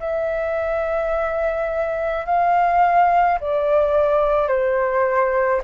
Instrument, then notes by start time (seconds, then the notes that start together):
flute
0.00 E5
2.26 F5
3.41 D5
4.48 C5